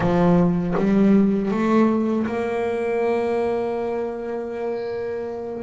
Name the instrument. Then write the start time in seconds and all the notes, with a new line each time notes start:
double bass
0.00 F3
0.77 G3
1.51 A3
2.26 A#3